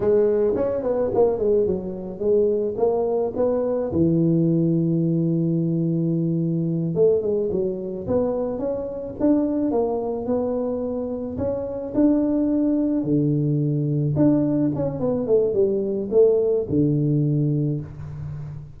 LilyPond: \new Staff \with { instrumentName = "tuba" } { \time 4/4 \tempo 4 = 108 gis4 cis'8 b8 ais8 gis8 fis4 | gis4 ais4 b4 e4~ | e1~ | e8 a8 gis8 fis4 b4 cis'8~ |
cis'8 d'4 ais4 b4.~ | b8 cis'4 d'2 d8~ | d4. d'4 cis'8 b8 a8 | g4 a4 d2 | }